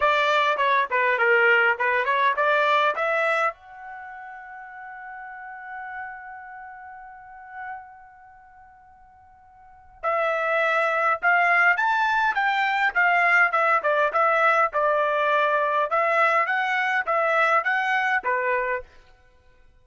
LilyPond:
\new Staff \with { instrumentName = "trumpet" } { \time 4/4 \tempo 4 = 102 d''4 cis''8 b'8 ais'4 b'8 cis''8 | d''4 e''4 fis''2~ | fis''1~ | fis''1~ |
fis''4 e''2 f''4 | a''4 g''4 f''4 e''8 d''8 | e''4 d''2 e''4 | fis''4 e''4 fis''4 b'4 | }